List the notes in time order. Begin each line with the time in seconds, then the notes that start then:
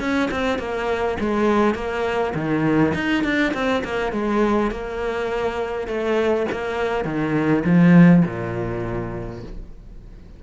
0.00 C#4
0.31 C4
0.59 A#3
1.20 G#3
1.75 A#3
2.35 D#3
2.95 D#4
3.24 D4
3.54 C4
3.85 A#3
4.13 G#3
4.71 A#3
5.87 A3
6.52 A#3
7.05 D#3
7.66 F3
8.25 A#2